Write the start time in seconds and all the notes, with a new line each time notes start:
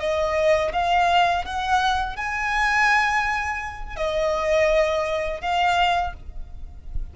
0.00 D#5
0.73 F5
1.45 F#5
2.16 G#5
3.96 D#5
5.41 F5